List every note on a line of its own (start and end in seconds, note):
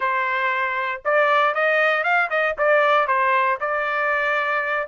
0.00 1.01 C5
1.05 1.54 D5
1.54 2.03 D#5
2.03 2.29 F5
2.29 2.55 D#5
2.58 3.07 D5
3.07 3.58 C5
3.60 4.87 D5